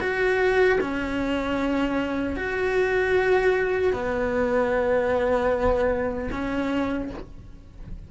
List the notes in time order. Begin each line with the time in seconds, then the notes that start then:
0.00 F#4
0.80 C#4
2.36 F#4
3.93 B3
6.31 C#4